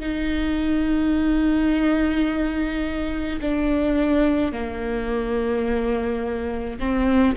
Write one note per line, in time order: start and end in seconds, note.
0.00 3.40 D#4
3.42 4.53 D4
4.53 6.79 A#3
6.80 7.36 C4